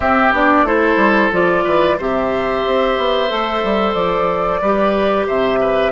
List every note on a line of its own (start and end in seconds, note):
0.00 0.32 C4
0.00 0.34 C4
0.00 0.66 G4
0.00 0.32 E5
0.32 0.62 B3
0.32 0.66 D4
0.32 0.66 D5
0.62 0.95 A3
0.62 1.32 E4
0.62 1.64 A4
0.62 1.32 C5
0.96 1.29 G3
1.32 1.65 F3
1.32 1.98 F4
1.32 1.99 D5
1.64 1.98 E3
1.64 1.97 B4
1.98 2.64 C3
1.98 3.29 G4
1.98 4.61 C5
1.98 3.93 E5
2.66 2.97 C4
2.97 3.30 B3
3.29 3.63 A3
3.29 4.61 A4
3.63 3.94 G3
3.93 4.60 F3
3.93 5.25 D5
4.61 5.27 G3
4.61 5.92 G4
4.61 5.26 B4
5.26 5.92 C3
5.26 5.59 C5
5.26 5.92 E5
5.60 5.92 B4